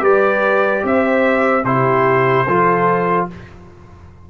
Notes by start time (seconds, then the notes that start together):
0.00 G3 G4 B4 D5
0.83 C4 C5 E5
1.64 C3 E4 G4 C5
2.47 F3 F4 A4